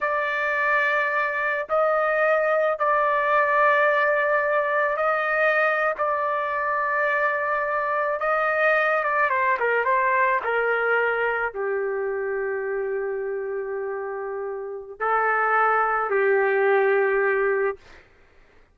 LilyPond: \new Staff \with { instrumentName = "trumpet" } { \time 4/4 \tempo 4 = 108 d''2. dis''4~ | dis''4 d''2.~ | d''4 dis''4.~ dis''16 d''4~ d''16~ | d''2~ d''8. dis''4~ dis''16~ |
dis''16 d''8 c''8 ais'8 c''4 ais'4~ ais'16~ | ais'8. g'2.~ g'16~ | g'2. a'4~ | a'4 g'2. | }